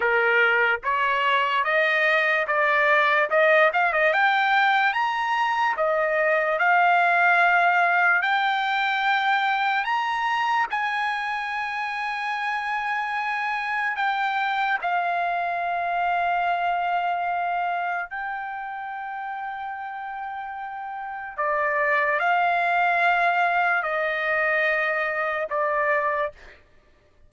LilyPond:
\new Staff \with { instrumentName = "trumpet" } { \time 4/4 \tempo 4 = 73 ais'4 cis''4 dis''4 d''4 | dis''8 f''16 dis''16 g''4 ais''4 dis''4 | f''2 g''2 | ais''4 gis''2.~ |
gis''4 g''4 f''2~ | f''2 g''2~ | g''2 d''4 f''4~ | f''4 dis''2 d''4 | }